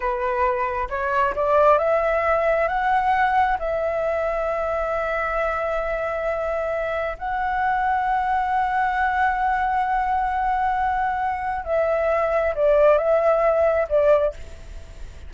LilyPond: \new Staff \with { instrumentName = "flute" } { \time 4/4 \tempo 4 = 134 b'2 cis''4 d''4 | e''2 fis''2 | e''1~ | e''1 |
fis''1~ | fis''1~ | fis''2 e''2 | d''4 e''2 d''4 | }